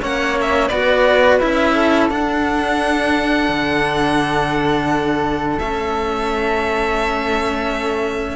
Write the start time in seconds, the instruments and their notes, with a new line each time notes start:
0.00 cello A#3 C#4, flute C#5, violin F#5
0.40 violin E5
0.68 cello B3 F#4, flute B4, violin D5
1.39 cello C#4 E4, violin E5
1.74 flute A4
2.09 cello D4, violin F#5
3.48 cello D3
5.58 cello A3 C#4, violin E5